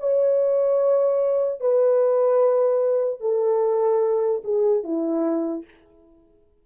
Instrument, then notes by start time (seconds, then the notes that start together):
horn
0.00 C#5
1.61 B4
3.21 A4
4.44 G#4
4.84 E4